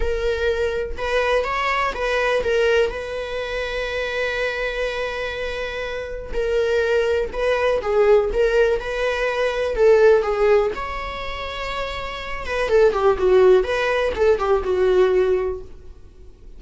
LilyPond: \new Staff \with { instrumentName = "viola" } { \time 4/4 \tempo 4 = 123 ais'2 b'4 cis''4 | b'4 ais'4 b'2~ | b'1~ | b'4 ais'2 b'4 |
gis'4 ais'4 b'2 | a'4 gis'4 cis''2~ | cis''4. b'8 a'8 g'8 fis'4 | b'4 a'8 g'8 fis'2 | }